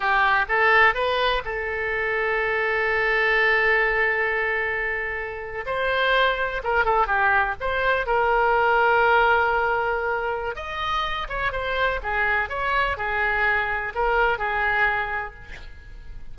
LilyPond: \new Staff \with { instrumentName = "oboe" } { \time 4/4 \tempo 4 = 125 g'4 a'4 b'4 a'4~ | a'1~ | a'2.~ a'8. c''16~ | c''4.~ c''16 ais'8 a'8 g'4 c''16~ |
c''8. ais'2.~ ais'16~ | ais'2 dis''4. cis''8 | c''4 gis'4 cis''4 gis'4~ | gis'4 ais'4 gis'2 | }